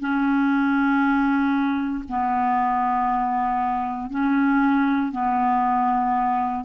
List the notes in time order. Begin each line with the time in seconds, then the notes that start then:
0.00 C#4
2.08 B3
4.10 C#4
5.12 B3